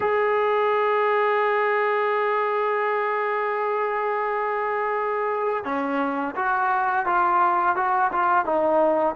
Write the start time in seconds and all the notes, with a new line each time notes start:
0.00 G#4
5.64 C#4
6.35 F#4
7.06 F4
7.76 F#4
8.12 F4
8.45 D#4